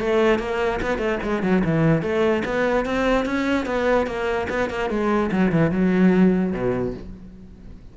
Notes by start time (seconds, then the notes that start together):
0.00 A3
0.40 A#3
0.82 B3
0.99 A3
1.23 G#3
1.43 F#3
1.65 E3
2.03 A3
2.45 B3
2.86 C4
3.26 C#4
3.66 B3
4.07 A#3
4.50 B3
4.70 A#3
4.90 G#3
5.32 F#3
5.52 E3
5.71 F#3
6.53 B2